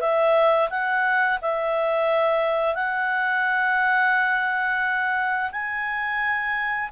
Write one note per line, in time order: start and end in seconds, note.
0.00 0.69 E5
0.70 1.39 F#5
1.41 2.75 E5
2.75 5.50 F#5
5.51 6.89 G#5